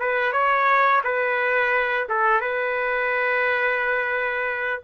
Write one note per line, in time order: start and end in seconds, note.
0.00 0.33 B4
0.33 1.02 C#5
1.04 2.08 B4
2.09 2.41 A4
2.41 4.82 B4